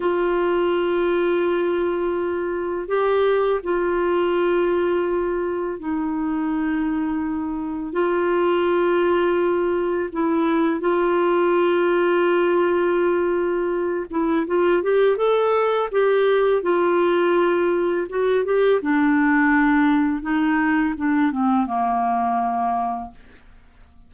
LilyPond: \new Staff \with { instrumentName = "clarinet" } { \time 4/4 \tempo 4 = 83 f'1 | g'4 f'2. | dis'2. f'4~ | f'2 e'4 f'4~ |
f'2.~ f'8 e'8 | f'8 g'8 a'4 g'4 f'4~ | f'4 fis'8 g'8 d'2 | dis'4 d'8 c'8 ais2 | }